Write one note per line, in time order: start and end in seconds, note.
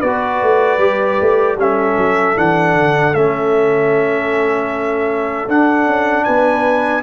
0.00 0.43 B3
0.00 0.80 F#4
0.00 1.56 B4
0.00 1.57 D5
0.43 0.79 A3
0.79 1.18 G3
0.79 1.58 G4
1.21 1.56 A3
1.56 1.95 G3
1.56 2.37 C#4
1.56 6.26 A4
1.56 2.38 E5
1.98 2.37 F#3
2.37 2.75 E3
2.37 3.14 D4
2.37 3.15 F#5
2.75 3.14 D3
3.15 5.48 A3
3.15 5.49 C#4
3.15 5.49 E5
5.48 5.87 D4
5.48 7.03 D4
5.48 6.25 F#5
5.87 6.26 C#4
6.25 7.03 B3
6.25 7.03 B4
6.25 7.02 G#5